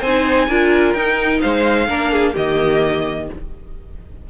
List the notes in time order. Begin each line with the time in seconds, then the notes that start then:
0.00 C4 C5 G#5
0.06 D#4
0.48 D4 F4 A#4
0.93 D#4 G5
1.41 G#3 C5 F5
1.88 A#3 D4 A#4
2.13 G#4
2.33 D#3 A#3 G4 D#5